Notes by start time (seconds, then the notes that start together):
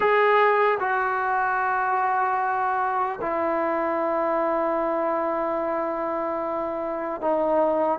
0.00 G#4
0.79 F#4
3.21 E4
7.21 D#4